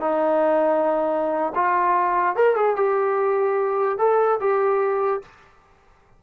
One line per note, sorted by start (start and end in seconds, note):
0.00 1.53 D#4
1.55 2.36 F4
2.36 2.56 A#4
2.56 2.76 G#4
2.76 3.98 G4
3.98 4.39 A4
4.40 5.22 G4